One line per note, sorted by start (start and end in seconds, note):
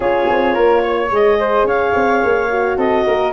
0.00 0.27 C#4
0.00 1.09 F4
0.00 0.53 G#4
0.00 1.12 C#5
0.29 0.55 C4
0.53 1.11 A#3
0.53 0.81 A#4
0.83 1.38 C#5
1.11 1.64 G#3
1.11 2.50 G#4
1.11 1.67 D#5
1.39 1.66 C5
1.64 1.92 C#4
1.64 2.77 C#5
1.64 2.78 F5
1.95 2.23 C4
2.23 2.77 A#3
2.50 3.32 F#4
2.77 3.05 C4
2.77 3.04 A4
2.77 3.32 D#5
3.06 3.32 A#3
3.06 3.32 A#4